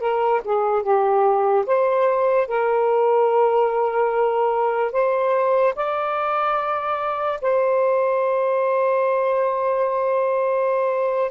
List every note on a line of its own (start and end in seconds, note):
0.00 0.41 A#4
0.44 0.83 G#4
0.83 1.65 G4
1.66 2.47 C5
2.47 4.92 A#4
4.92 5.74 C5
5.76 7.40 D5
7.41 11.31 C5